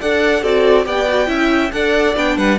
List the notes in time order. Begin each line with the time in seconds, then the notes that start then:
0.00 D4 A4 D5 F#5
0.43 C4 F#4 A4 D5
0.85 B3 G4 D5 G5
1.09 F#4
1.26 C#4 E4 E5
1.72 D4 A4 D5 F#5
2.16 B3 D4 G5
2.37 G3 B4 F#5